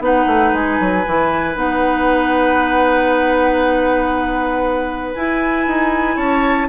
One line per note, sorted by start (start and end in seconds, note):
0.00 0.26 B3
0.00 1.04 D#4
0.00 6.16 B4
0.00 0.55 F#5
0.27 0.53 A3
0.53 0.79 G#3
0.53 1.56 G#5
0.80 1.06 F#3
1.07 1.56 E3
1.07 1.55 E4
1.55 5.15 B3
1.55 5.14 D#4
1.55 5.15 F#5
5.15 6.69 E4
5.15 5.67 E4
5.15 6.17 G#5
5.68 6.17 D#4
6.16 6.69 C#4
6.16 6.68 C#5
6.16 6.69 A5